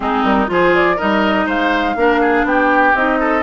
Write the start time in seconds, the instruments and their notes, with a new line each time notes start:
0.00 bassoon G#3, clarinet C4, oboe D#4, flute G#4
0.23 bassoon G3, flute A#4
0.47 bassoon F3, clarinet F4, oboe G#4, flute C5
0.75 flute D5
0.96 bassoon G3, clarinet D#4, oboe A#4, flute D#5
1.46 bassoon G#3, oboe C5, flute F5
1.95 bassoon A#3, clarinet D4, oboe A#4
2.20 oboe G#4
2.44 bassoon B3, oboe G4, flute G5
2.94 bassoon C4, clarinet D#4, flute D#5
3.19 oboe A4